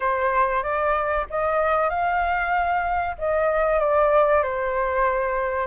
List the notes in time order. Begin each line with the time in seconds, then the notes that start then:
0.00 C5
0.63 D5
1.29 D#5
1.89 F5
3.18 D#5
3.79 D5
4.42 C5